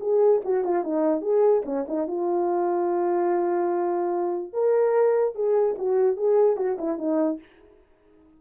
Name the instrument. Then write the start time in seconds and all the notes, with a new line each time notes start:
horn
0.00 G#4
0.44 F#4
0.64 F4
0.83 D#4
1.21 G#4
1.65 C#4
1.87 D#4
2.07 F4
4.53 A#4
5.34 G#4
5.78 F#4
6.16 G#4
6.56 F#4
6.78 E4
6.98 D#4